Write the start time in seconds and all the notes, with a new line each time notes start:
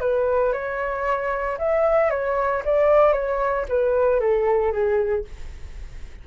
0.00 B4
0.52 C#5
1.58 E5
2.10 C#5
2.65 D5
3.12 C#5
3.68 B4
4.20 A4
4.72 G#4